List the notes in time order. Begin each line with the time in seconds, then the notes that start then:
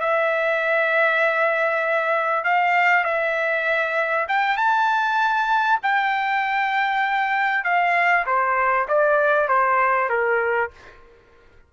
0.00 E5
2.44 F5
3.04 E5
4.28 G5
4.57 A5
5.82 G5
7.64 F5
8.26 C5
8.88 D5
9.48 C5
10.09 A#4